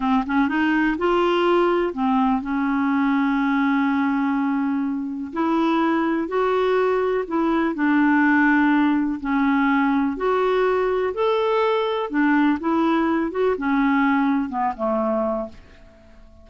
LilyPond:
\new Staff \with { instrumentName = "clarinet" } { \time 4/4 \tempo 4 = 124 c'8 cis'8 dis'4 f'2 | c'4 cis'2.~ | cis'2. e'4~ | e'4 fis'2 e'4 |
d'2. cis'4~ | cis'4 fis'2 a'4~ | a'4 d'4 e'4. fis'8 | cis'2 b8 a4. | }